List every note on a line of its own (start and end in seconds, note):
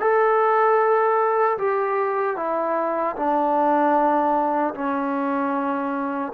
0.00 1.58 A4
1.58 2.37 G4
2.37 3.16 E4
3.16 4.74 D4
4.75 6.33 C#4